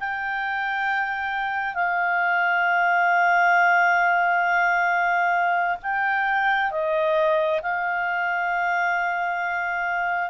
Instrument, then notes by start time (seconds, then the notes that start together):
clarinet
0.00 G5
1.75 F5
5.83 G5
6.71 D#5
7.62 F5